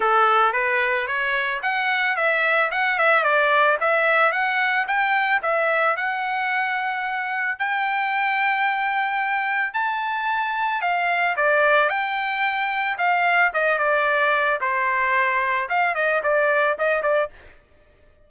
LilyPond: \new Staff \with { instrumentName = "trumpet" } { \time 4/4 \tempo 4 = 111 a'4 b'4 cis''4 fis''4 | e''4 fis''8 e''8 d''4 e''4 | fis''4 g''4 e''4 fis''4~ | fis''2 g''2~ |
g''2 a''2 | f''4 d''4 g''2 | f''4 dis''8 d''4. c''4~ | c''4 f''8 dis''8 d''4 dis''8 d''8 | }